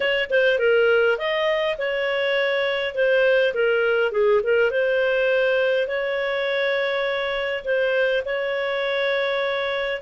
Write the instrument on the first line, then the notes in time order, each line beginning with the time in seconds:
clarinet
0.00 C#5
0.30 C5
0.59 A#4
1.18 D#5
1.78 C#5
2.94 C5
3.54 A#4
4.11 G#4
4.43 A#4
4.70 C5
5.87 C#5
7.64 C5
8.25 C#5